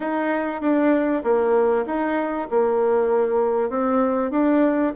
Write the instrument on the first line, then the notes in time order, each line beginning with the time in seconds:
bassoon
0.00 D#4
0.61 D4
1.23 A#3
1.86 D#4
2.50 A#3
3.69 C4
4.30 D4